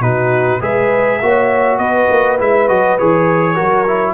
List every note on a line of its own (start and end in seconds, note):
0.00 0.59 B2
0.00 0.61 D#4
0.00 0.61 F#4
0.00 0.62 B4
0.61 1.21 G#3
0.61 1.20 G#4
0.61 1.21 B4
0.61 1.78 E5
1.21 1.79 A#3
1.21 2.39 F#4
1.21 1.79 C#5
1.78 2.08 B3
1.78 3.55 B4
1.78 2.38 D#5
2.10 2.40 A#3
2.39 2.70 G#3
2.39 2.68 E4
2.39 2.69 E5
2.68 3.00 F#3
2.68 2.98 F#4
2.68 2.98 D#5
2.99 3.60 E3
2.99 3.56 G#4
2.99 4.14 C#5
3.55 4.14 F#3
3.55 3.85 F#4
3.55 4.14 A#4
3.88 4.14 E4